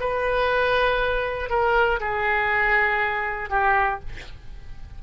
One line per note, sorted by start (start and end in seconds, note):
0.00 1.49 B4
1.49 1.99 A#4
2.00 3.49 G#4
3.49 3.99 G4